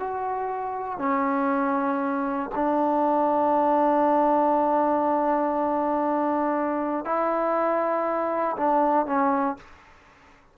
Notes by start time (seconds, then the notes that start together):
0.00 F#4
0.99 C#4
2.56 D4
7.05 E4
8.58 D4
9.07 C#4